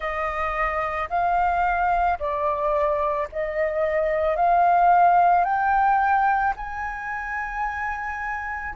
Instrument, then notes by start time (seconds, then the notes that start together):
flute
0.00 D#5
1.09 F5
2.19 D5
3.32 D#5
4.35 F5
5.44 G5
6.56 G#5